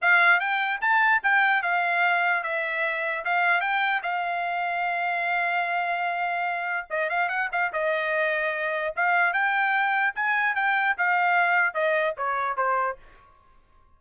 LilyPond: \new Staff \with { instrumentName = "trumpet" } { \time 4/4 \tempo 4 = 148 f''4 g''4 a''4 g''4 | f''2 e''2 | f''4 g''4 f''2~ | f''1~ |
f''4 dis''8 f''8 fis''8 f''8 dis''4~ | dis''2 f''4 g''4~ | g''4 gis''4 g''4 f''4~ | f''4 dis''4 cis''4 c''4 | }